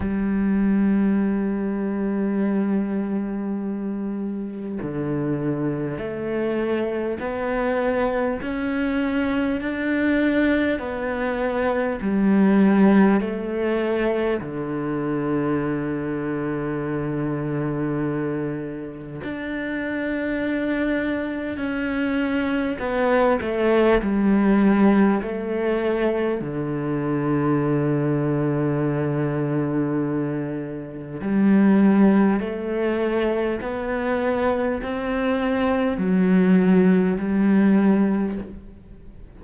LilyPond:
\new Staff \with { instrumentName = "cello" } { \time 4/4 \tempo 4 = 50 g1 | d4 a4 b4 cis'4 | d'4 b4 g4 a4 | d1 |
d'2 cis'4 b8 a8 | g4 a4 d2~ | d2 g4 a4 | b4 c'4 fis4 g4 | }